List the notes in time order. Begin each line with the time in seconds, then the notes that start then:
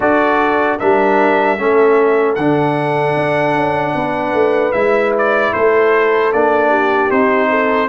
0.00 D4 F#4 A4 D5
0.79 G3 D4 A#4 E5
1.58 A3 C#4 A4
2.35 D3 D4 F#5
3.15 D4
3.54 C#4
3.95 B3 B4
4.33 A3
4.72 G#3 E4 E5
5.18 D5
5.53 A3 A4 C5
6.32 A#3 D4 D5
6.69 G4
7.10 C4 D#4 C5
7.49 A4